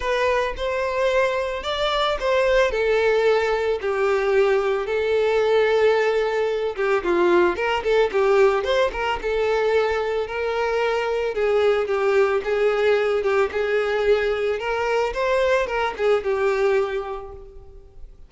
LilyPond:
\new Staff \with { instrumentName = "violin" } { \time 4/4 \tempo 4 = 111 b'4 c''2 d''4 | c''4 a'2 g'4~ | g'4 a'2.~ | a'8 g'8 f'4 ais'8 a'8 g'4 |
c''8 ais'8 a'2 ais'4~ | ais'4 gis'4 g'4 gis'4~ | gis'8 g'8 gis'2 ais'4 | c''4 ais'8 gis'8 g'2 | }